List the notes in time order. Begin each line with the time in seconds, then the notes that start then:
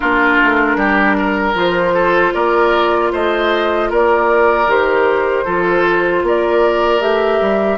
0.00 A#3 D4 F4 A#4
0.42 A3
0.75 G3 G4
1.17 A#4
1.53 F3 F4 C5
1.94 A4
2.33 A#3 A#4 D5
3.12 A3 C5 D#5
3.89 A#3 A#4 D5
4.67 D#3 G4 C5
5.44 F3 F4 A4
6.22 A#3 A#4 D5
7.00 A3 G4 E5
7.40 G3